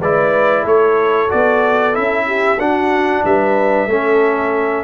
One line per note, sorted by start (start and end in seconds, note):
0.00 0.65 G#3
0.00 1.29 E4
0.00 0.63 B4
0.00 0.67 D5
0.63 1.29 A3
0.63 2.25 A4
0.63 1.31 C#5
1.29 1.98 B3
1.29 1.94 F#4
1.29 1.96 D5
1.94 2.59 C#4
1.94 2.58 E4
1.94 2.60 E5
2.27 2.59 G4
2.59 3.24 D4
2.59 3.90 D4
2.59 3.24 F#4
2.59 3.25 F#5
3.25 3.87 G3
3.25 3.90 B4
3.25 4.84 E5
3.87 4.84 A3
3.87 4.84 C#4
3.87 4.84 A4